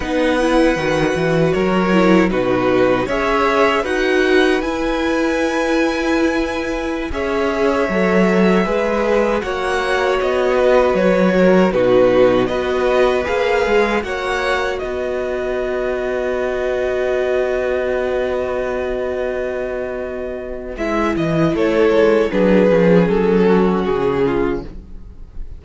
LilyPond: <<
  \new Staff \with { instrumentName = "violin" } { \time 4/4 \tempo 4 = 78 fis''2 cis''4 b'4 | e''4 fis''4 gis''2~ | gis''4~ gis''16 e''2~ e''8.~ | e''16 fis''4 dis''4 cis''4 b'8.~ |
b'16 dis''4 f''4 fis''4 dis''8.~ | dis''1~ | dis''2. e''8 dis''8 | cis''4 b'4 a'4 gis'4 | }
  \new Staff \with { instrumentName = "violin" } { \time 4/4 b'2 ais'4 fis'4 | cis''4 b'2.~ | b'4~ b'16 cis''2 b'8.~ | b'16 cis''4. b'4 ais'8 fis'8.~ |
fis'16 b'2 cis''4 b'8.~ | b'1~ | b'1 | a'4 gis'4. fis'4 f'8 | }
  \new Staff \with { instrumentName = "viola" } { \time 4/4 dis'8 e'8 fis'4. e'8 dis'4 | gis'4 fis'4 e'2~ | e'4~ e'16 gis'4 a'4 gis'8.~ | gis'16 fis'2. dis'8.~ |
dis'16 fis'4 gis'4 fis'4.~ fis'16~ | fis'1~ | fis'2. e'4~ | e'4 d'8 cis'2~ cis'8 | }
  \new Staff \with { instrumentName = "cello" } { \time 4/4 b4 dis8 e8 fis4 b,4 | cis'4 dis'4 e'2~ | e'4~ e'16 cis'4 fis4 gis8.~ | gis16 ais4 b4 fis4 b,8.~ |
b,16 b4 ais8 gis8 ais4 b8.~ | b1~ | b2. gis8 e8 | a8 gis8 fis8 f8 fis4 cis4 | }
>>